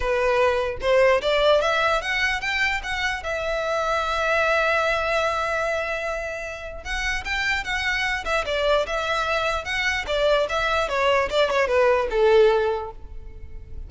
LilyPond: \new Staff \with { instrumentName = "violin" } { \time 4/4 \tempo 4 = 149 b'2 c''4 d''4 | e''4 fis''4 g''4 fis''4 | e''1~ | e''1~ |
e''4 fis''4 g''4 fis''4~ | fis''8 e''8 d''4 e''2 | fis''4 d''4 e''4 cis''4 | d''8 cis''8 b'4 a'2 | }